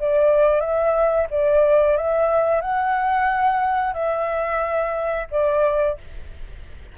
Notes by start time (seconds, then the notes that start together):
0.00 D5
0.61 E5
1.31 D5
1.97 E5
2.62 F#5
3.94 E5
5.31 D5